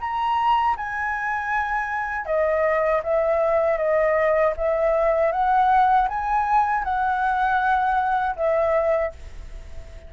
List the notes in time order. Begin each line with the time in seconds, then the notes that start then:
0.00 A#5
0.77 G#5
2.26 D#5
3.03 E5
3.78 D#5
4.57 E5
5.32 F#5
6.09 G#5
6.84 F#5
8.36 E5